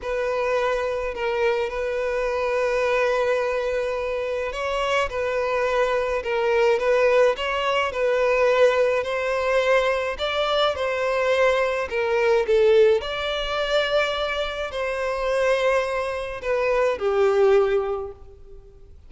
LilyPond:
\new Staff \with { instrumentName = "violin" } { \time 4/4 \tempo 4 = 106 b'2 ais'4 b'4~ | b'1 | cis''4 b'2 ais'4 | b'4 cis''4 b'2 |
c''2 d''4 c''4~ | c''4 ais'4 a'4 d''4~ | d''2 c''2~ | c''4 b'4 g'2 | }